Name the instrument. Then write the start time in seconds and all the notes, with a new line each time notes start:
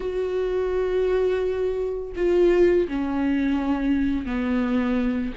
viola
0.00 F#4
2.16 F4
2.88 C#4
4.25 B3